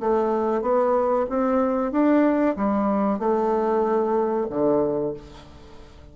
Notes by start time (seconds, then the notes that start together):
0.00 A3
0.62 B3
1.29 C4
1.92 D4
2.56 G3
3.19 A3
4.50 D3